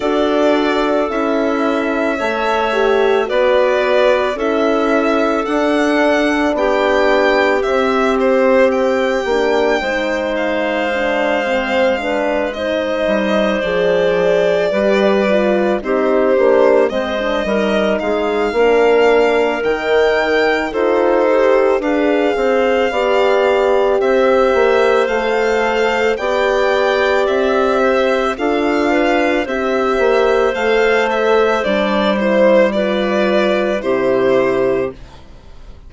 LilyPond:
<<
  \new Staff \with { instrumentName = "violin" } { \time 4/4 \tempo 4 = 55 d''4 e''2 d''4 | e''4 fis''4 g''4 e''8 c''8 | g''4. f''2 dis''8~ | dis''8 d''2 c''4 dis''8~ |
dis''8 f''4. g''4 c''4 | f''2 e''4 f''4 | g''4 e''4 f''4 e''4 | f''8 e''8 d''8 c''8 d''4 c''4 | }
  \new Staff \with { instrumentName = "clarinet" } { \time 4/4 a'2 cis''4 b'4 | a'2 g'2~ | g'4 c''2 b'8 c''8~ | c''4. b'4 g'4 c''8 |
ais'8 gis'8 ais'2 a'4 | b'8 c''8 d''4 c''2 | d''4. c''8 a'8 b'8 c''4~ | c''2 b'4 g'4 | }
  \new Staff \with { instrumentName = "horn" } { \time 4/4 fis'4 e'4 a'8 g'8 fis'4 | e'4 d'2 c'4~ | c'8 d'8 dis'4 d'8 c'8 d'8 dis'8~ | dis'8 gis'4 g'8 f'8 dis'8 d'8 c'16 d'16 |
dis'4 d'4 dis'4 f'8 g'8 | gis'4 g'2 a'4 | g'2 f'4 g'4 | a'4 d'8 e'8 f'4 e'4 | }
  \new Staff \with { instrumentName = "bassoon" } { \time 4/4 d'4 cis'4 a4 b4 | cis'4 d'4 b4 c'4~ | c'8 ais8 gis2. | g8 f4 g4 c'8 ais8 gis8 |
g8 gis8 ais4 dis4 dis'4 | d'8 c'8 b4 c'8 ais8 a4 | b4 c'4 d'4 c'8 ais8 | a4 g2 c4 | }
>>